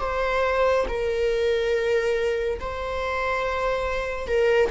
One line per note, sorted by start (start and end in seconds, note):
0.00 0.86 C5
0.88 2.59 A#4
2.60 4.27 C5
4.27 4.70 A#4